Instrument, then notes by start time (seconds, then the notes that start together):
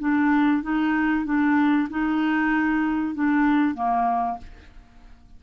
clarinet
0.00 D4
0.63 D#4
1.26 D4
1.90 D#4
3.15 D4
3.75 A#3